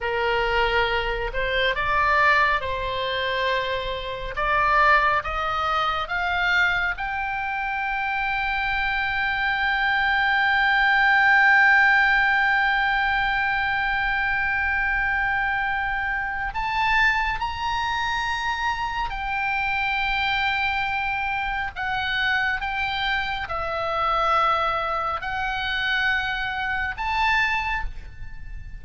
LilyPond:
\new Staff \with { instrumentName = "oboe" } { \time 4/4 \tempo 4 = 69 ais'4. c''8 d''4 c''4~ | c''4 d''4 dis''4 f''4 | g''1~ | g''1~ |
g''2. a''4 | ais''2 g''2~ | g''4 fis''4 g''4 e''4~ | e''4 fis''2 a''4 | }